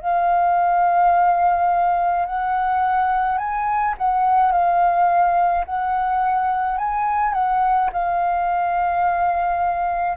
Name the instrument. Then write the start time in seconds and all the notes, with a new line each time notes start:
flute
0.00 F5
2.25 F#5
3.38 G#5
3.98 F#5
4.52 F5
5.65 F#5
6.78 G#5
7.33 F#5
7.92 F5